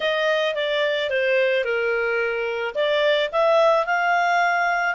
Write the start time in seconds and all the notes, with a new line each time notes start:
0.00 D#5
0.55 D5
1.10 C5
1.64 A#4
2.74 D5
3.32 E5
3.86 F5